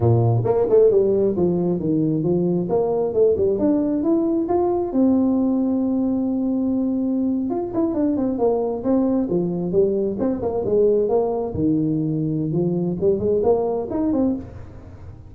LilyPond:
\new Staff \with { instrumentName = "tuba" } { \time 4/4 \tempo 4 = 134 ais,4 ais8 a8 g4 f4 | dis4 f4 ais4 a8 g8 | d'4 e'4 f'4 c'4~ | c'1~ |
c'8. f'8 e'8 d'8 c'8 ais4 c'16~ | c'8. f4 g4 c'8 ais8 gis16~ | gis8. ais4 dis2~ dis16 | f4 g8 gis8 ais4 dis'8 c'8 | }